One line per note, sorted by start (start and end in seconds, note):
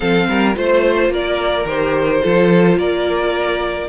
0.00 0.28 F3
0.00 0.53 C4
0.00 0.27 A4
0.00 0.54 F5
0.28 0.56 G3
0.28 0.56 A#4
0.54 1.09 A3
0.54 1.65 F4
0.54 1.12 C5
1.09 1.64 A#3
1.09 2.22 A#4
1.09 1.67 D5
1.65 2.20 D#3
1.65 2.22 G4
1.65 2.78 C5
2.22 2.77 F3
2.22 3.88 F4
2.22 2.78 A4
2.77 3.88 A#3
2.77 3.88 A#4
2.77 3.88 D5